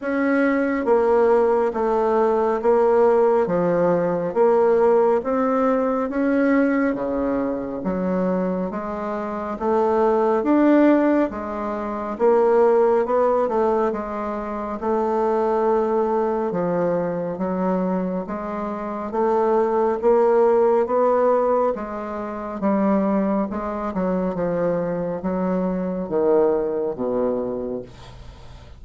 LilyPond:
\new Staff \with { instrumentName = "bassoon" } { \time 4/4 \tempo 4 = 69 cis'4 ais4 a4 ais4 | f4 ais4 c'4 cis'4 | cis4 fis4 gis4 a4 | d'4 gis4 ais4 b8 a8 |
gis4 a2 f4 | fis4 gis4 a4 ais4 | b4 gis4 g4 gis8 fis8 | f4 fis4 dis4 b,4 | }